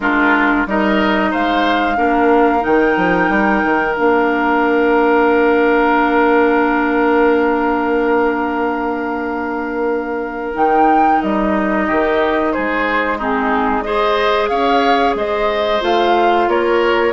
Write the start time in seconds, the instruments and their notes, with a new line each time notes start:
0.00 bassoon G#3, clarinet D4, oboe F4, flute A#4
0.66 bassoon G3, clarinet D#4, oboe A#4, flute D#5
1.30 bassoon G#3, oboe C5, flute F5
1.96 bassoon A#3, clarinet D4, oboe A#4
2.59 bassoon D#3, clarinet D#4, flute G5
2.96 bassoon F3
3.29 bassoon G3
3.64 bassoon D#3
3.94 bassoon A#3, clarinet D4, flute F5
10.54 bassoon D#3, clarinet D#4, flute G5
11.21 bassoon G3, flute D#5
11.86 bassoon D#3, oboe G4
12.52 bassoon G#3, oboe G#4, flute C5
13.18 clarinet C4, oboe D#4, flute G#4
13.81 clarinet G#4, oboe C5, flute D#5
14.48 bassoon C#4, oboe C#5, flute F5
15.14 bassoon G#3, oboe C5, flute D#5
15.80 bassoon A3, clarinet F4, flute F5
16.47 bassoon A#3, oboe A#4, flute C#5